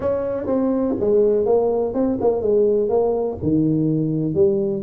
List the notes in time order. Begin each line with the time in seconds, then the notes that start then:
0.00 C#4
0.46 C4
1.00 G#3
1.45 A#3
1.94 C4
2.20 A#3
2.41 G#3
2.89 A#3
3.42 D#3
4.34 G3